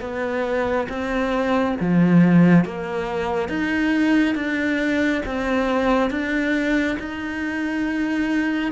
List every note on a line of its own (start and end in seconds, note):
0.00 0.87 B3
0.89 1.76 C4
1.80 2.65 F3
2.65 3.49 A#3
3.49 4.35 D#4
4.35 5.22 D4
5.25 6.10 C4
6.10 6.97 D4
6.99 8.72 D#4